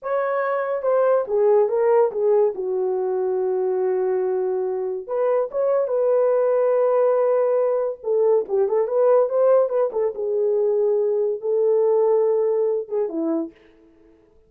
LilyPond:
\new Staff \with { instrumentName = "horn" } { \time 4/4 \tempo 4 = 142 cis''2 c''4 gis'4 | ais'4 gis'4 fis'2~ | fis'1 | b'4 cis''4 b'2~ |
b'2. a'4 | g'8 a'8 b'4 c''4 b'8 a'8 | gis'2. a'4~ | a'2~ a'8 gis'8 e'4 | }